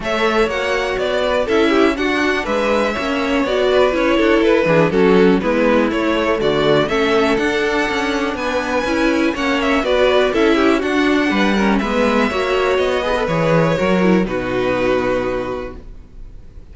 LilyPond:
<<
  \new Staff \with { instrumentName = "violin" } { \time 4/4 \tempo 4 = 122 e''4 fis''4 d''4 e''4 | fis''4 e''2 d''4 | cis''4 b'4 a'4 b'4 | cis''4 d''4 e''4 fis''4~ |
fis''4 gis''2 fis''8 e''8 | d''4 e''4 fis''2 | e''2 dis''4 cis''4~ | cis''4 b'2. | }
  \new Staff \with { instrumentName = "violin" } { \time 4/4 cis''2~ cis''8 b'8 a'8 g'8 | fis'4 b'4 cis''4. b'8~ | b'8 a'4 gis'8 fis'4 e'4~ | e'4 fis'4 a'2~ |
a'4 b'2 cis''4 | b'4 a'8 g'8 fis'4 b'8 ais'8 | b'4 cis''4. b'4. | ais'4 fis'2. | }
  \new Staff \with { instrumentName = "viola" } { \time 4/4 a'4 fis'2 e'4 | d'2 cis'4 fis'4 | e'4. d'8 cis'4 b4 | a2 cis'4 d'4~ |
d'2 e'4 cis'4 | fis'4 e'4 d'4. cis'8 | b4 fis'4. gis'16 a'16 gis'4 | fis'8 e'8 dis'2. | }
  \new Staff \with { instrumentName = "cello" } { \time 4/4 a4 ais4 b4 cis'4 | d'4 gis4 ais4 b4 | cis'8 d'8 e'8 e8 fis4 gis4 | a4 d4 a4 d'4 |
cis'4 b4 cis'4 ais4 | b4 cis'4 d'4 g4 | gis4 ais4 b4 e4 | fis4 b,2. | }
>>